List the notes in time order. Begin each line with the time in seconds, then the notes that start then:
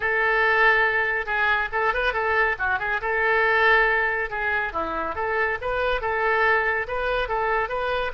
0.00 A4
1.25 G#4
1.72 A4
1.93 B4
2.13 A4
2.58 F#4
2.79 G#4
3.01 A4
4.30 G#4
4.73 E4
5.15 A4
5.61 B4
6.01 A4
6.87 B4
7.28 A4
7.68 B4